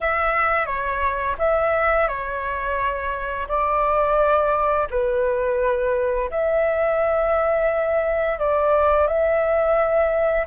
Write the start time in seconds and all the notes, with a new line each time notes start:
0.00 E5
0.66 C#5
1.38 E5
2.07 C#5
3.48 D5
4.90 B4
6.30 E5
8.38 D5
9.07 E5